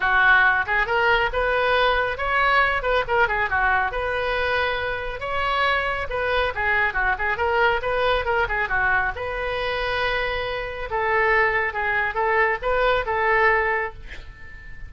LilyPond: \new Staff \with { instrumentName = "oboe" } { \time 4/4 \tempo 4 = 138 fis'4. gis'8 ais'4 b'4~ | b'4 cis''4. b'8 ais'8 gis'8 | fis'4 b'2. | cis''2 b'4 gis'4 |
fis'8 gis'8 ais'4 b'4 ais'8 gis'8 | fis'4 b'2.~ | b'4 a'2 gis'4 | a'4 b'4 a'2 | }